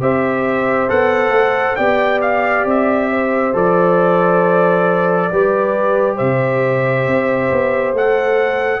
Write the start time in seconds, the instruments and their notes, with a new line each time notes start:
0.00 tuba C4, trombone G4, horn C5, trumpet E5
0.88 tuba B3, trombone A4, trumpet F#5
1.28 tuba A3
1.75 tuba B3, trombone G4, horn D5, trumpet G5
2.21 trumpet F5
2.65 tuba C4, trumpet E5
3.09 horn C5
3.53 tuba F3, trombone A4, trumpet D5
5.31 tuba G3, trombone G4, horn B4
6.15 tuba C3, horn C5, trumpet E5
7.06 tuba C4
7.50 tuba B3
7.92 tuba A3, trombone A4, trumpet F#5